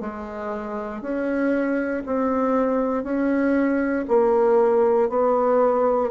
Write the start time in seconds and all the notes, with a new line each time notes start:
0.00 G#3
1.01 C#4
2.06 C4
3.03 C#4
4.08 A#3
5.09 B3